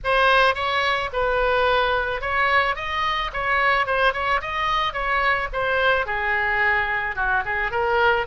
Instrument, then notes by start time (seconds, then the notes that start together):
oboe
0.04 C5
0.55 C#5
1.12 B4
2.21 C#5
2.75 D#5
3.33 C#5
3.86 C5
4.13 C#5
4.41 D#5
4.93 C#5
5.52 C5
6.06 G#4
7.15 F#4
7.45 G#4
7.71 A#4